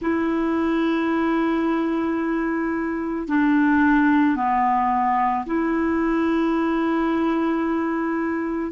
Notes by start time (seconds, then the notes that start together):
0.01 E4
3.28 D4
4.36 B3
5.45 E4